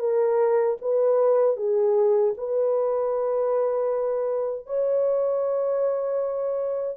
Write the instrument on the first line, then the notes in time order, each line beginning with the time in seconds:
horn
0.00 A#4
0.82 B4
1.57 G#4
2.38 B4
4.66 C#5